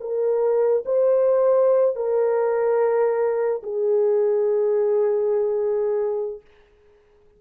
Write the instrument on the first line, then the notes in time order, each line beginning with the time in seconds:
horn
0.00 A#4
0.85 C5
1.95 A#4
3.63 G#4